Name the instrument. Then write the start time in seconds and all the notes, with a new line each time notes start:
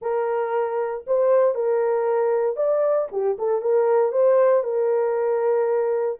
horn
0.01 A#4
1.06 C5
1.54 A#4
2.56 D5
3.11 G4
3.38 A4
3.61 A#4
4.11 C5
4.63 A#4